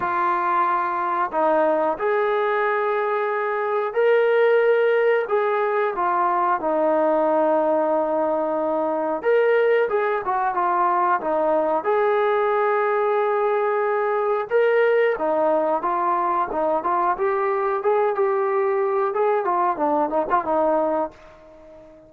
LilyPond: \new Staff \with { instrumentName = "trombone" } { \time 4/4 \tempo 4 = 91 f'2 dis'4 gis'4~ | gis'2 ais'2 | gis'4 f'4 dis'2~ | dis'2 ais'4 gis'8 fis'8 |
f'4 dis'4 gis'2~ | gis'2 ais'4 dis'4 | f'4 dis'8 f'8 g'4 gis'8 g'8~ | g'4 gis'8 f'8 d'8 dis'16 f'16 dis'4 | }